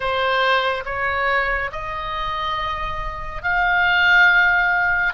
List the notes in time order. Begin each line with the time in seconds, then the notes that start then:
0.00 C5
0.85 C#5
1.71 D#5
3.42 F5